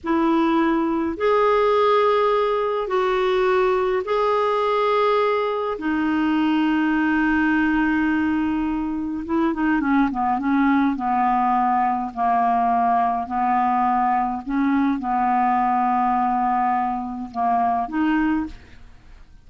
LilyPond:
\new Staff \with { instrumentName = "clarinet" } { \time 4/4 \tempo 4 = 104 e'2 gis'2~ | gis'4 fis'2 gis'4~ | gis'2 dis'2~ | dis'1 |
e'8 dis'8 cis'8 b8 cis'4 b4~ | b4 ais2 b4~ | b4 cis'4 b2~ | b2 ais4 dis'4 | }